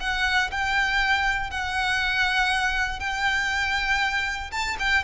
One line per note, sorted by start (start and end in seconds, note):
0.00 0.50 F#5
0.51 1.50 G5
1.50 3.00 F#5
3.00 4.51 G5
4.51 4.77 A5
4.79 5.04 G5